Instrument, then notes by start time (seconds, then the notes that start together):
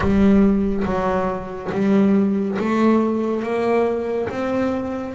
double bass
0.00 G3
0.85 F#3
1.71 G3
2.58 A3
3.42 A#3
4.29 C4